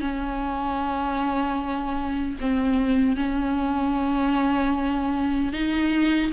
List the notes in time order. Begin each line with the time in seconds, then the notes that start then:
0.00 C#4
2.40 C4
3.16 C#4
5.53 D#4